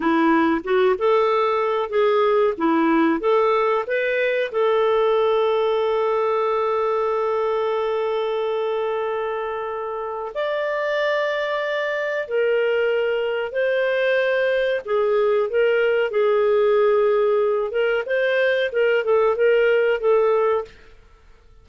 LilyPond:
\new Staff \with { instrumentName = "clarinet" } { \time 4/4 \tempo 4 = 93 e'4 fis'8 a'4. gis'4 | e'4 a'4 b'4 a'4~ | a'1~ | a'1 |
d''2. ais'4~ | ais'4 c''2 gis'4 | ais'4 gis'2~ gis'8 ais'8 | c''4 ais'8 a'8 ais'4 a'4 | }